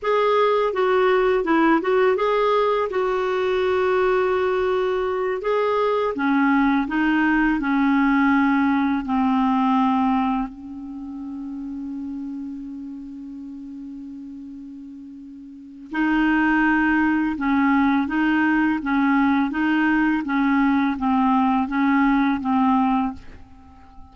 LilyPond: \new Staff \with { instrumentName = "clarinet" } { \time 4/4 \tempo 4 = 83 gis'4 fis'4 e'8 fis'8 gis'4 | fis'2.~ fis'8 gis'8~ | gis'8 cis'4 dis'4 cis'4.~ | cis'8 c'2 cis'4.~ |
cis'1~ | cis'2 dis'2 | cis'4 dis'4 cis'4 dis'4 | cis'4 c'4 cis'4 c'4 | }